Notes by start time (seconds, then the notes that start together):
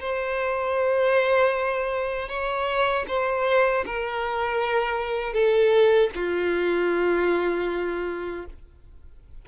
0.00 C5
2.28 C#5
3.08 C5
3.86 A#4
5.33 A4
6.15 F4